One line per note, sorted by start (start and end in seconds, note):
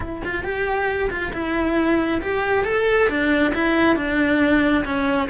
0.00 0.22 E4
0.24 0.44 F4
0.44 1.10 G4
1.10 1.32 F4
1.33 2.21 E4
2.21 2.64 G4
2.64 3.08 A4
3.09 3.53 D4
3.54 3.96 E4
3.96 4.84 D4
4.84 5.29 C#4